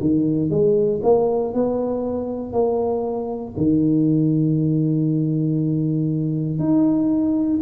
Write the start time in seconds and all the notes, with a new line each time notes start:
0.00 D#3
0.50 G#3
1.03 A#3
1.54 B3
2.52 A#3
3.57 D#3
6.59 D#4